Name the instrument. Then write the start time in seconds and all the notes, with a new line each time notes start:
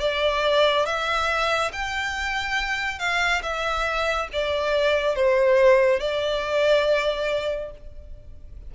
violin
0.00 D5
0.86 E5
1.73 G5
2.99 F5
3.42 E5
4.33 D5
5.15 C5
6.00 D5